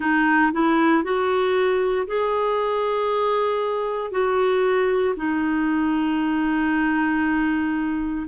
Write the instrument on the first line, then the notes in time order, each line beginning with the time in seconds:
clarinet
0.00 D#4
0.52 E4
1.03 F#4
2.07 G#4
4.11 F#4
5.16 D#4